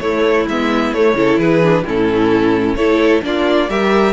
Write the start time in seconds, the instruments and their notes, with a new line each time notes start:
0.00 cello A3, viola A3, violin E4 C#5
0.47 cello G#3, viola B3, violin E5
0.93 cello A3, viola A3, violin C#5
1.14 cello C#3, viola E4, violin A4
1.37 cello E3, violin G#4 B4
1.63 viola D4
1.85 cello A2, viola C#4, violin E4 A4
2.75 cello A3, viola E4, violin A4 C#5
3.22 cello A#3, viola D4, violin F4 D5
3.69 cello G3, viola G4, violin A#4 E5